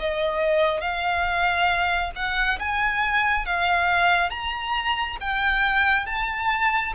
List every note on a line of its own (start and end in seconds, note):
0.00 0.81 D#5
0.81 2.12 F5
2.16 2.59 F#5
2.60 3.46 G#5
3.46 4.30 F5
4.30 5.17 A#5
5.21 6.06 G5
6.06 6.93 A5